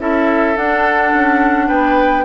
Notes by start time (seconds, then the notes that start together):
0.00 C#4 E4 A4 E5
0.56 D4 F#5
1.14 C#4
1.68 B3 B4 G5